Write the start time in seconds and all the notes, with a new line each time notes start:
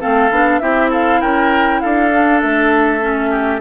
0.00 A3 C4 A4 F5
0.30 B3 D4
0.59 C4 E4 G4 E5
0.90 A4 F5
1.21 C#4 A#4 G5
1.80 D4 A4 F5
2.11 D4
2.41 A3 E5
3.00 C#4
3.30 G4